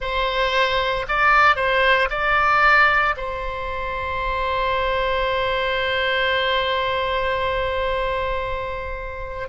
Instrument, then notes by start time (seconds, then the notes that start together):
oboe
0.00 C5
1.08 D5
1.56 C5
2.10 D5
3.16 C5